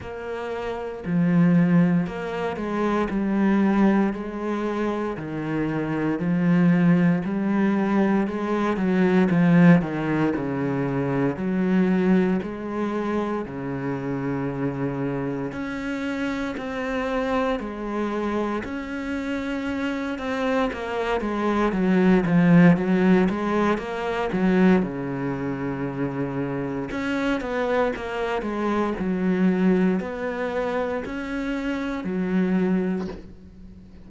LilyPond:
\new Staff \with { instrumentName = "cello" } { \time 4/4 \tempo 4 = 58 ais4 f4 ais8 gis8 g4 | gis4 dis4 f4 g4 | gis8 fis8 f8 dis8 cis4 fis4 | gis4 cis2 cis'4 |
c'4 gis4 cis'4. c'8 | ais8 gis8 fis8 f8 fis8 gis8 ais8 fis8 | cis2 cis'8 b8 ais8 gis8 | fis4 b4 cis'4 fis4 | }